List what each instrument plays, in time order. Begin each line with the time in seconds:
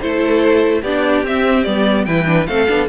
0.00 cello A3, viola E4, violin A4 C5
0.81 cello B3, viola D4, violin G4 D5
1.22 cello C4, viola C4, violin E5
1.64 cello G3, viola B3, violin D5
2.05 cello E3, viola E4, violin B4 G5
2.25 viola D4
2.46 cello A3, viola C4, violin A4 F5
2.67 cello B3, viola D4